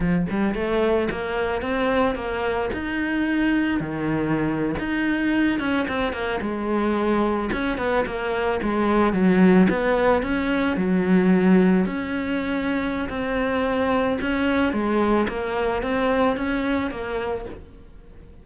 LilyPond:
\new Staff \with { instrumentName = "cello" } { \time 4/4 \tempo 4 = 110 f8 g8 a4 ais4 c'4 | ais4 dis'2 dis4~ | dis8. dis'4. cis'8 c'8 ais8 gis16~ | gis4.~ gis16 cis'8 b8 ais4 gis16~ |
gis8. fis4 b4 cis'4 fis16~ | fis4.~ fis16 cis'2~ cis'16 | c'2 cis'4 gis4 | ais4 c'4 cis'4 ais4 | }